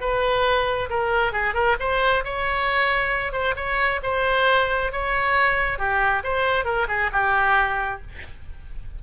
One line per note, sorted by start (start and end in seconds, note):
0.00 0.89 B4
0.89 1.32 A#4
1.32 1.54 G#4
1.54 1.76 A#4
1.79 2.24 C5
2.24 3.32 C#5
3.32 3.55 C5
3.56 4.00 C#5
4.03 4.92 C5
4.92 5.78 C#5
5.78 6.22 G4
6.23 6.64 C5
6.64 6.87 A#4
6.88 7.10 G#4
7.12 8.01 G4